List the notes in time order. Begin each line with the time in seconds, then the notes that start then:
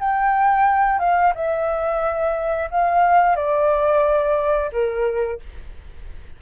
0.00 G5
0.99 F5
1.35 E5
2.71 F5
3.36 D5
4.73 A#4